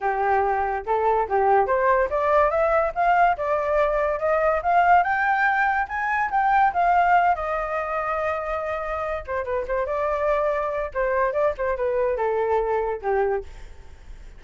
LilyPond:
\new Staff \with { instrumentName = "flute" } { \time 4/4 \tempo 4 = 143 g'2 a'4 g'4 | c''4 d''4 e''4 f''4 | d''2 dis''4 f''4 | g''2 gis''4 g''4 |
f''4. dis''2~ dis''8~ | dis''2 c''8 b'8 c''8 d''8~ | d''2 c''4 d''8 c''8 | b'4 a'2 g'4 | }